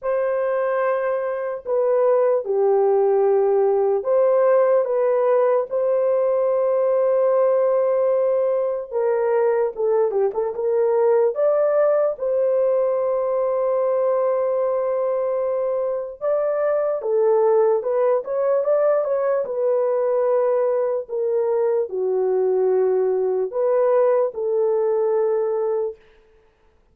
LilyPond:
\new Staff \with { instrumentName = "horn" } { \time 4/4 \tempo 4 = 74 c''2 b'4 g'4~ | g'4 c''4 b'4 c''4~ | c''2. ais'4 | a'8 g'16 a'16 ais'4 d''4 c''4~ |
c''1 | d''4 a'4 b'8 cis''8 d''8 cis''8 | b'2 ais'4 fis'4~ | fis'4 b'4 a'2 | }